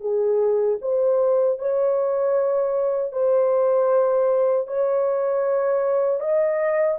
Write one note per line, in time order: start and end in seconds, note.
0.00 0.78 G#4
0.81 1.58 C5
1.58 3.12 C#5
3.12 4.67 C5
4.67 6.19 C#5
6.19 6.97 D#5